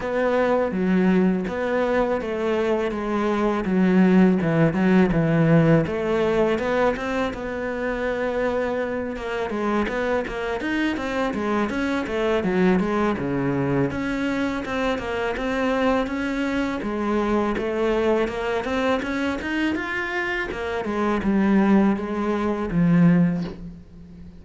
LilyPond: \new Staff \with { instrumentName = "cello" } { \time 4/4 \tempo 4 = 82 b4 fis4 b4 a4 | gis4 fis4 e8 fis8 e4 | a4 b8 c'8 b2~ | b8 ais8 gis8 b8 ais8 dis'8 c'8 gis8 |
cis'8 a8 fis8 gis8 cis4 cis'4 | c'8 ais8 c'4 cis'4 gis4 | a4 ais8 c'8 cis'8 dis'8 f'4 | ais8 gis8 g4 gis4 f4 | }